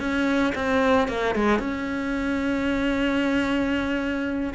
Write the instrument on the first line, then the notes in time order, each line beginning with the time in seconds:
cello
0.00 C#4
0.56 C4
1.09 A#3
1.35 G#3
1.59 C#4